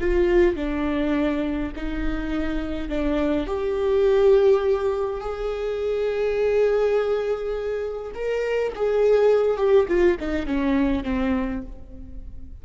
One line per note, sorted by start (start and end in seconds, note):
0.00 0.55 F4
0.55 1.72 D4
1.75 2.89 D#4
2.89 3.46 D4
3.46 5.21 G4
5.21 8.12 G#4
8.14 8.72 A#4
8.75 9.57 G#4
9.57 9.86 G4
9.88 10.17 F4
10.19 10.46 D#4
10.46 11.03 C#4
11.03 11.62 C4